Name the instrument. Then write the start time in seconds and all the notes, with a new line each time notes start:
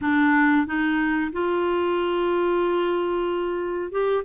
clarinet
0.01 D4
0.66 D#4
1.32 F4
3.91 G4